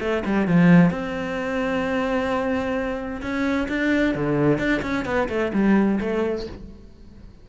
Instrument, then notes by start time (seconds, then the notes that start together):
cello
0.00 A3
0.25 G3
0.47 F3
0.90 C4
3.21 C#4
3.68 D4
4.15 D3
4.58 D4
4.82 C#4
5.05 B3
5.29 A3
5.53 G3
6.00 A3